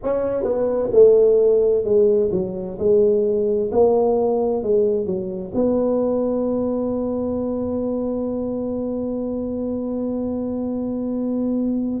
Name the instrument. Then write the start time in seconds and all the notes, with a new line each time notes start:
tuba
0.03 C#4
0.43 B3
0.92 A3
1.84 G#3
2.31 F#3
2.78 G#3
3.71 A#3
4.62 G#3
5.06 F#3
5.54 B3